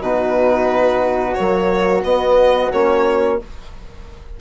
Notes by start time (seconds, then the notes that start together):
0.00 B2 D#4 F#4 B4
1.34 F#3 A#3 C#5
2.04 B3 D#5
2.72 A#3 C#4 C#5